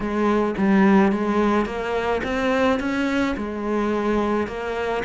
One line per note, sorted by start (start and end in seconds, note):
0.00 0.54 G#3
0.57 1.12 G3
1.12 1.65 G#3
1.65 2.21 A#3
2.23 2.79 C4
2.79 3.35 C#4
3.36 4.47 G#3
4.47 5.03 A#3